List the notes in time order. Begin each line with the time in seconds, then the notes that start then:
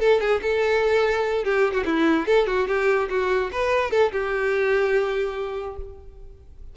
0.00 A4
0.21 G#4
0.42 A4
1.45 G4
1.73 F#4
1.85 E4
2.27 A4
2.47 F#4
2.68 G4
3.10 F#4
3.52 B4
3.91 A4
4.12 G4